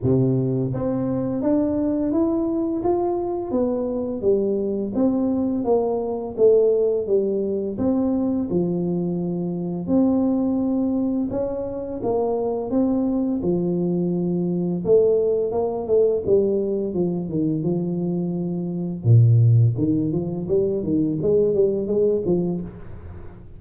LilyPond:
\new Staff \with { instrumentName = "tuba" } { \time 4/4 \tempo 4 = 85 c4 c'4 d'4 e'4 | f'4 b4 g4 c'4 | ais4 a4 g4 c'4 | f2 c'2 |
cis'4 ais4 c'4 f4~ | f4 a4 ais8 a8 g4 | f8 dis8 f2 ais,4 | dis8 f8 g8 dis8 gis8 g8 gis8 f8 | }